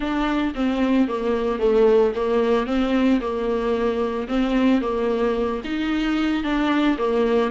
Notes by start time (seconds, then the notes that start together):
0.00 D4
0.55 C4
1.07 A#3
1.59 A3
2.15 A#3
2.66 C4
3.20 A#3
4.27 C4
4.81 A#3
5.64 D#4
6.43 D4
6.97 A#3